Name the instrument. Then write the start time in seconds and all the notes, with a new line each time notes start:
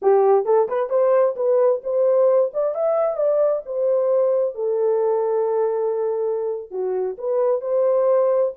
horn
0.01 G4
0.45 A4
0.68 B4
0.89 C5
1.36 B4
1.83 C5
2.53 D5
2.74 E5
3.17 D5
3.65 C5
4.54 A4
6.70 F#4
7.18 B4
7.61 C5